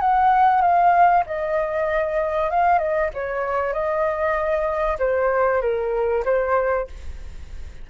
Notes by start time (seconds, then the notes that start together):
0.00 F#5
0.61 F5
1.26 D#5
2.50 F5
2.78 D#5
3.14 C#5
3.73 D#5
4.99 C5
5.61 A#4
6.25 C5